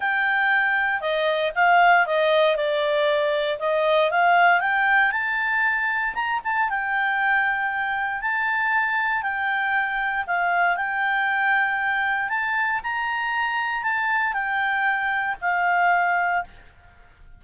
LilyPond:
\new Staff \with { instrumentName = "clarinet" } { \time 4/4 \tempo 4 = 117 g''2 dis''4 f''4 | dis''4 d''2 dis''4 | f''4 g''4 a''2 | ais''8 a''8 g''2. |
a''2 g''2 | f''4 g''2. | a''4 ais''2 a''4 | g''2 f''2 | }